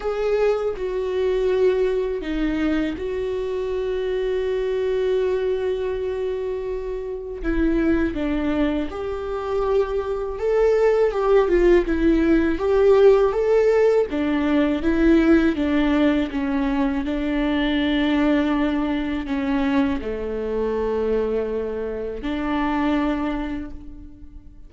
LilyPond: \new Staff \with { instrumentName = "viola" } { \time 4/4 \tempo 4 = 81 gis'4 fis'2 dis'4 | fis'1~ | fis'2 e'4 d'4 | g'2 a'4 g'8 f'8 |
e'4 g'4 a'4 d'4 | e'4 d'4 cis'4 d'4~ | d'2 cis'4 a4~ | a2 d'2 | }